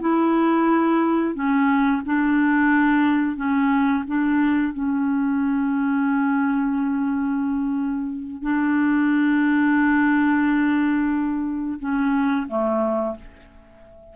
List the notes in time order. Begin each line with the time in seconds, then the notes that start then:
0.00 E4
1.35 C#4
2.06 D4
3.36 C#4
4.07 D4
4.73 C#4
8.42 D4
11.79 C#4
12.48 A3